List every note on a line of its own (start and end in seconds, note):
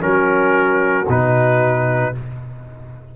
0.00 1.07 F#3
0.00 1.05 C#4
0.00 2.14 F#4
0.00 1.07 A#4
1.08 2.13 B2
1.08 2.14 D#4
1.08 2.15 B4